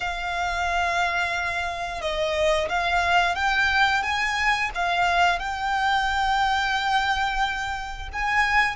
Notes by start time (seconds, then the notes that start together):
0.00 F5
2.01 D#5
2.68 F5
3.35 G5
4.02 G#5
4.74 F5
5.39 G5
8.12 G#5